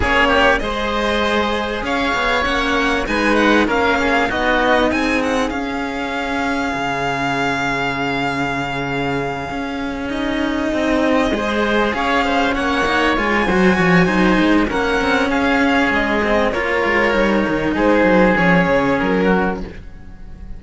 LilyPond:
<<
  \new Staff \with { instrumentName = "violin" } { \time 4/4 \tempo 4 = 98 cis''4 dis''2 f''4 | fis''4 gis''8 fis''8 f''4 dis''4 | gis''8 fis''8 f''2.~ | f''1~ |
f''8 dis''2. f''8~ | f''8 fis''4 gis''2~ gis''8 | fis''4 f''4 dis''4 cis''4~ | cis''4 c''4 cis''4 ais'4 | }
  \new Staff \with { instrumentName = "oboe" } { \time 4/4 gis'8 g'8 c''2 cis''4~ | cis''4 b'4 ais'8 gis'8 fis'4 | gis'1~ | gis'1~ |
gis'2~ gis'8 c''4 cis''8 | c''8 cis''4. c''8 cis''8 c''4 | ais'4 gis'2 ais'4~ | ais'4 gis'2~ gis'8 fis'8 | }
  \new Staff \with { instrumentName = "cello" } { \time 4/4 cis'4 gis'2. | cis'4 dis'4 cis'4 dis'4~ | dis'4 cis'2.~ | cis'1~ |
cis'8 dis'2 gis'4.~ | gis'8 cis'8 dis'8 f'8 fis'4 dis'4 | cis'2~ cis'8 c'8 f'4 | dis'2 cis'2 | }
  \new Staff \with { instrumentName = "cello" } { \time 4/4 ais4 gis2 cis'8 b8 | ais4 gis4 ais4 b4 | c'4 cis'2 cis4~ | cis2.~ cis8 cis'8~ |
cis'4. c'4 gis4 cis'8~ | cis'8 ais4 gis8 fis8 f8 fis8 gis8 | ais8 c'8 cis'4 gis4 ais8 gis8 | g8 dis8 gis8 fis8 f8 cis8 fis4 | }
>>